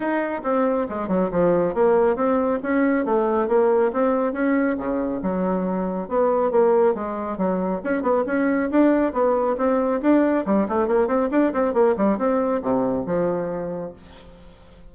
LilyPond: \new Staff \with { instrumentName = "bassoon" } { \time 4/4 \tempo 4 = 138 dis'4 c'4 gis8 fis8 f4 | ais4 c'4 cis'4 a4 | ais4 c'4 cis'4 cis4 | fis2 b4 ais4 |
gis4 fis4 cis'8 b8 cis'4 | d'4 b4 c'4 d'4 | g8 a8 ais8 c'8 d'8 c'8 ais8 g8 | c'4 c4 f2 | }